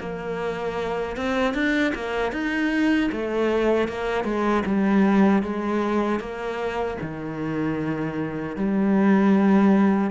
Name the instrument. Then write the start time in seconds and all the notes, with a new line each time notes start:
cello
0.00 A#3
1.17 C4
1.54 D4
1.95 A#3
2.32 D#4
3.12 A3
3.88 A#3
4.24 G#3
4.66 G3
5.43 G#3
6.20 A#3
7.02 D#3
8.56 G3